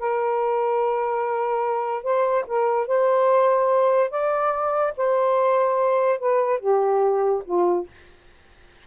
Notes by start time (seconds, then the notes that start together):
0.00 A#4
2.03 C5
2.47 A#4
2.87 C5
4.10 D5
4.97 C5
6.19 B4
6.60 G4
7.45 F4